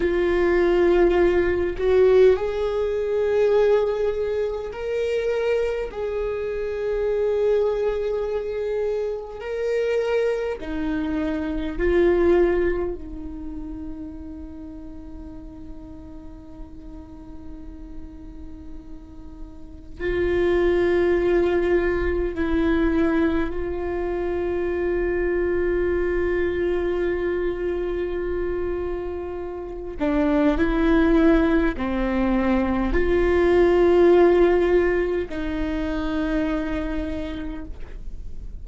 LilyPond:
\new Staff \with { instrumentName = "viola" } { \time 4/4 \tempo 4 = 51 f'4. fis'8 gis'2 | ais'4 gis'2. | ais'4 dis'4 f'4 dis'4~ | dis'1~ |
dis'4 f'2 e'4 | f'1~ | f'4. d'8 e'4 c'4 | f'2 dis'2 | }